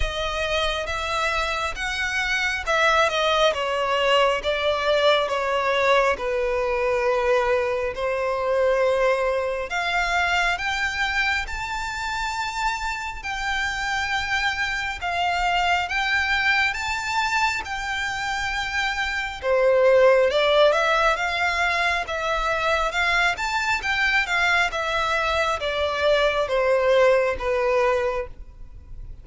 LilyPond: \new Staff \with { instrumentName = "violin" } { \time 4/4 \tempo 4 = 68 dis''4 e''4 fis''4 e''8 dis''8 | cis''4 d''4 cis''4 b'4~ | b'4 c''2 f''4 | g''4 a''2 g''4~ |
g''4 f''4 g''4 a''4 | g''2 c''4 d''8 e''8 | f''4 e''4 f''8 a''8 g''8 f''8 | e''4 d''4 c''4 b'4 | }